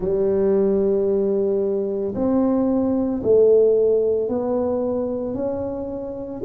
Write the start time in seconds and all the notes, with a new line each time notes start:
0.00 G3
2.14 C4
3.23 A3
4.29 B3
5.34 C#4